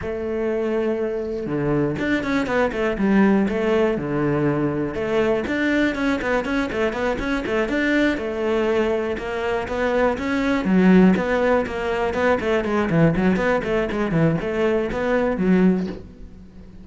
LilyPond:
\new Staff \with { instrumentName = "cello" } { \time 4/4 \tempo 4 = 121 a2. d4 | d'8 cis'8 b8 a8 g4 a4 | d2 a4 d'4 | cis'8 b8 cis'8 a8 b8 cis'8 a8 d'8~ |
d'8 a2 ais4 b8~ | b8 cis'4 fis4 b4 ais8~ | ais8 b8 a8 gis8 e8 fis8 b8 a8 | gis8 e8 a4 b4 fis4 | }